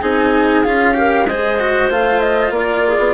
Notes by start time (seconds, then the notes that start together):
0.00 C4 D#4 G#4 G#5
0.64 C#4 F4 F5
0.94 G4 A#4
1.26 G#3 G#4 C5 D#5
1.60 F#4
1.90 A3 F4 F5
2.20 D#5
2.50 A#3 A#4 D5
2.87 G#4
2.98 B3